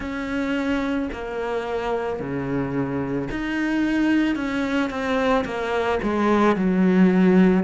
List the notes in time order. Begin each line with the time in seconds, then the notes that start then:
0.00 C#4
1.12 A#3
2.19 C#3
3.30 D#4
4.35 C#4
4.89 C4
5.44 A#3
6.02 G#3
6.56 F#3